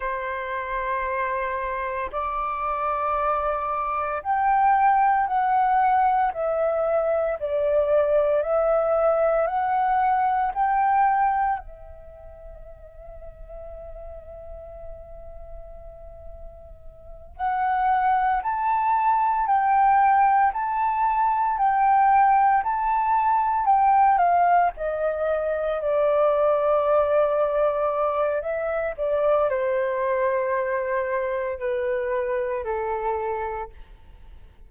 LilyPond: \new Staff \with { instrumentName = "flute" } { \time 4/4 \tempo 4 = 57 c''2 d''2 | g''4 fis''4 e''4 d''4 | e''4 fis''4 g''4 e''4~ | e''1~ |
e''8 fis''4 a''4 g''4 a''8~ | a''8 g''4 a''4 g''8 f''8 dis''8~ | dis''8 d''2~ d''8 e''8 d''8 | c''2 b'4 a'4 | }